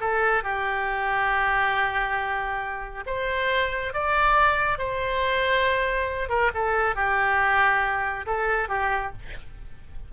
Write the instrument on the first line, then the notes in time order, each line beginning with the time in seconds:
oboe
0.00 A4
0.43 G4
3.06 C5
3.93 D5
4.78 C5
6.29 A#4
6.54 A4
6.95 G4
8.26 A4
8.69 G4